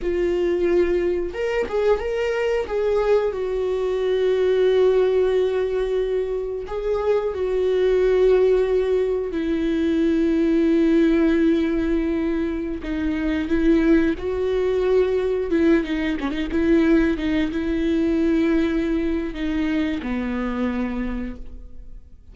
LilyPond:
\new Staff \with { instrumentName = "viola" } { \time 4/4 \tempo 4 = 90 f'2 ais'8 gis'8 ais'4 | gis'4 fis'2.~ | fis'2 gis'4 fis'4~ | fis'2 e'2~ |
e'2.~ e'16 dis'8.~ | dis'16 e'4 fis'2 e'8 dis'16~ | dis'16 cis'16 dis'16 e'4 dis'8 e'4.~ e'16~ | e'4 dis'4 b2 | }